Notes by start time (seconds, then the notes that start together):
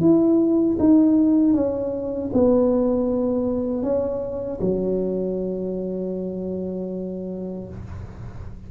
0.00 E4
0.79 D#4
1.53 C#4
2.33 B3
3.83 C#4
4.60 F#3